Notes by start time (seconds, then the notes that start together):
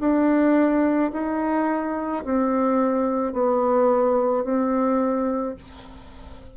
0.00 D4
1.13 D#4
2.24 C4
3.33 B3
4.44 C4